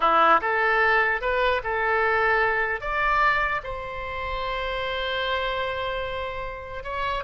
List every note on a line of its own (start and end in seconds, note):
0.00 0.40 E4
0.41 1.21 A4
1.21 1.61 B4
1.63 2.80 A4
2.80 3.61 D5
3.63 6.83 C5
6.83 7.24 C#5